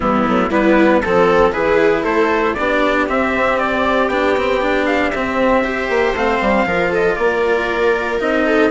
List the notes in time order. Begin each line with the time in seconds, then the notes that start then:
0.00 E3 G3 B3 E4
0.27 F#3 A3
0.50 G3 B3 E4 B4
1.01 F3 C4 A4
1.52 E3 E4 G#4 B4
2.02 A3 A4 C5
2.54 B3 D4 G4 D5
3.08 C4 E5
3.58 D5
4.07 B3 D4 G5
4.37 C4
4.61 D4
4.86 F5
5.10 C4 E5
5.63 G4 C5
5.89 A#3
6.13 A3 C4 F5
6.41 G3
6.65 F3 F4 A#4
6.90 A4 D#5
7.15 A#3 A#4 D5
8.19 C4 D#4 D#5
8.46 A4